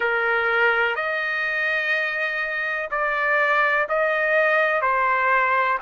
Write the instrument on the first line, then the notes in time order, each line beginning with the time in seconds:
trumpet
0.00 A#4
0.95 D#5
2.90 D5
3.88 D#5
4.81 C5